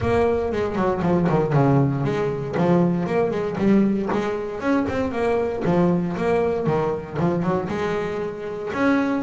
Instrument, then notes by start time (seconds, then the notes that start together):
double bass
0.00 A#3
0.52 G#3
0.75 F#3
1.02 F3
1.29 D#3
1.52 C#3
2.03 G#3
2.57 F3
3.06 A#3
3.31 G#3
3.58 G3
4.12 G#3
4.60 C#4
4.88 C4
5.11 A#3
5.64 F3
6.16 A#3
6.66 D#3
7.19 F3
7.42 F#3
7.69 G#3
8.73 C#4